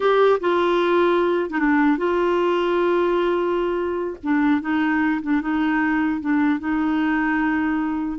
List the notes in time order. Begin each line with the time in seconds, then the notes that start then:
0.00 G4
0.40 F4
1.49 D#4
1.59 D4
1.97 F4
4.23 D4
4.61 D#4
5.21 D4
5.41 D#4
6.20 D4
6.59 D#4